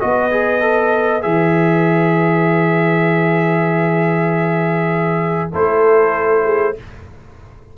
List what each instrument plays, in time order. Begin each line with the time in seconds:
0.00 tuba B3, trombone F#4, horn B4, trumpet D#5
0.31 trombone G#4
0.61 trombone A4
1.22 tuba E3, trombone G#4, trumpet E5
5.51 tuba A3, trombone E4, horn A4, trumpet C5
6.45 horn G#4